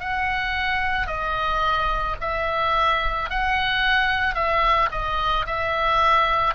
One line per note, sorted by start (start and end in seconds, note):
0.00 1.07 F#5
1.07 2.16 D#5
2.21 3.30 E5
3.30 4.35 F#5
4.35 4.89 E5
4.91 5.46 D#5
5.46 6.55 E5